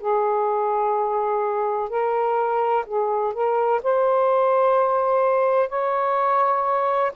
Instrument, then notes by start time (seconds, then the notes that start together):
saxophone
0.00 G#4
1.89 A#4
2.86 G#4
3.33 A#4
3.83 C5
5.69 C#5